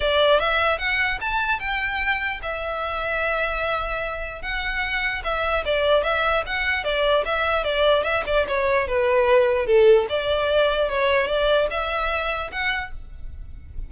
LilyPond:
\new Staff \with { instrumentName = "violin" } { \time 4/4 \tempo 4 = 149 d''4 e''4 fis''4 a''4 | g''2 e''2~ | e''2. fis''4~ | fis''4 e''4 d''4 e''4 |
fis''4 d''4 e''4 d''4 | e''8 d''8 cis''4 b'2 | a'4 d''2 cis''4 | d''4 e''2 fis''4 | }